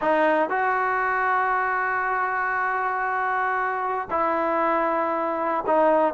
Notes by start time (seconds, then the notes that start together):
0.01 D#4
0.49 F#4
4.10 E4
5.66 D#4